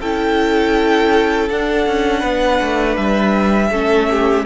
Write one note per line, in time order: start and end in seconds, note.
0.00 1.50 C#4
0.00 1.50 E4
0.00 2.20 A4
0.00 1.49 G5
1.50 1.87 D4
1.50 3.73 D4
1.50 2.97 F#5
1.87 2.23 C#4
2.20 2.60 B3
2.20 3.68 B4
2.62 2.97 A3
2.97 3.71 G3
2.97 4.45 E5
3.71 4.45 A3
3.71 4.46 C#4
3.71 4.09 A4
4.10 4.46 G4